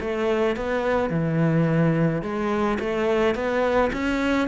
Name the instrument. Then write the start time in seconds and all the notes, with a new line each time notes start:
cello
0.00 A3
0.56 B3
1.10 E3
2.22 G#3
2.79 A3
3.35 B3
3.93 C#4